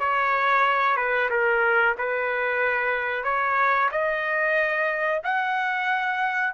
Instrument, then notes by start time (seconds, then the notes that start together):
trumpet
0.00 C#5
0.97 B4
1.31 A#4
1.98 B4
3.25 C#5
3.92 D#5
5.24 F#5